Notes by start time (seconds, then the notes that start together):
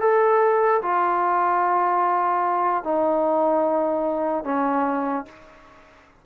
0.00 A4
0.82 F4
2.83 D#4
4.44 C#4